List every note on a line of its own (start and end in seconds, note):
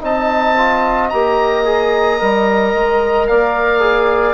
0.00 1.11 C4
0.00 0.55 D#4
0.00 3.28 D#5
0.00 1.09 A5
0.57 1.11 F4
1.09 2.21 A#3
1.09 1.65 G4
1.09 3.27 A#5
1.65 2.19 G#4
2.19 2.74 G3
2.19 3.80 A#4
2.74 3.28 G#3
3.27 4.34 A#3
3.27 4.34 D5
3.27 4.34 F5
3.80 4.34 G#4